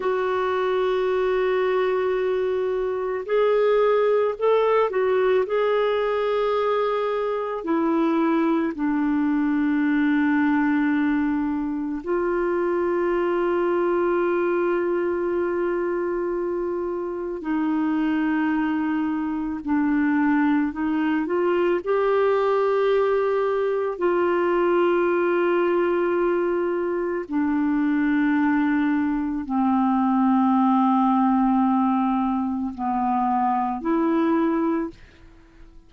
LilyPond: \new Staff \with { instrumentName = "clarinet" } { \time 4/4 \tempo 4 = 55 fis'2. gis'4 | a'8 fis'8 gis'2 e'4 | d'2. f'4~ | f'1 |
dis'2 d'4 dis'8 f'8 | g'2 f'2~ | f'4 d'2 c'4~ | c'2 b4 e'4 | }